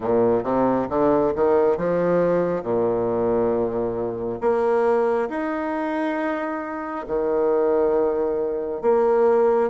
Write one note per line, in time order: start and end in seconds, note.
0.00 0.43 A#2
0.43 0.87 C3
0.89 1.33 D3
1.35 1.77 D#3
1.77 2.62 F3
2.62 4.39 A#2
4.40 5.29 A#3
5.29 7.05 D#4
7.07 8.81 D#3
8.81 9.69 A#3